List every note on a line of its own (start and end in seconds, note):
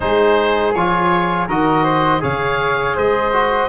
0.00 0.74 G#3
0.00 0.74 D#4
0.00 1.47 G#4
0.00 0.74 C5
0.74 1.48 F3
0.74 1.49 F4
0.74 1.48 C#5
1.47 2.22 D#3
1.47 2.20 F#4
1.47 1.83 A#4
1.47 2.23 D#5
1.83 2.20 C5
2.20 2.97 C#3
2.20 3.31 G#4
2.20 2.95 C#5
2.20 2.97 F5
2.95 3.69 G#3
2.95 3.69 C5
2.95 3.69 D#5
3.32 3.69 F#4